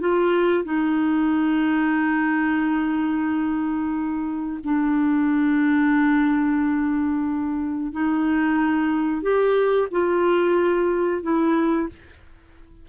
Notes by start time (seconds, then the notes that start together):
0.00 F4
0.65 D#4
4.64 D4
7.93 D#4
9.22 G4
9.91 F4
11.23 E4